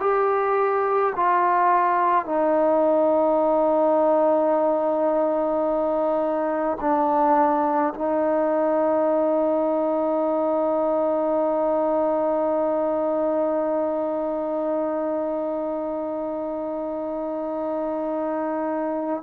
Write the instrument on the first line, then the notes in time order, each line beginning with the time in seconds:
trombone
0.00 G4
1.16 F4
2.25 D#4
6.80 D4
7.95 D#4